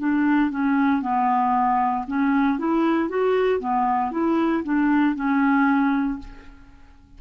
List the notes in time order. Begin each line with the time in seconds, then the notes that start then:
0.00 D4
0.51 C#4
1.02 B3
2.08 C#4
2.59 E4
3.09 F#4
3.60 B3
4.12 E4
4.65 D4
5.16 C#4